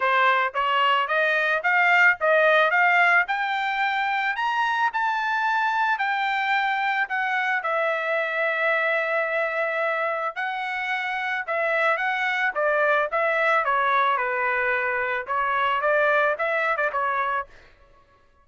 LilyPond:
\new Staff \with { instrumentName = "trumpet" } { \time 4/4 \tempo 4 = 110 c''4 cis''4 dis''4 f''4 | dis''4 f''4 g''2 | ais''4 a''2 g''4~ | g''4 fis''4 e''2~ |
e''2. fis''4~ | fis''4 e''4 fis''4 d''4 | e''4 cis''4 b'2 | cis''4 d''4 e''8. d''16 cis''4 | }